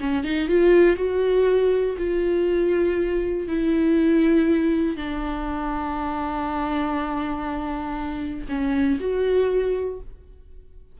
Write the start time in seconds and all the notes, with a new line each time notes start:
0.00 C#4
0.24 D#4
0.48 F4
0.96 F#4
1.98 F4
3.47 E4
4.96 D4
8.49 C#4
9.00 F#4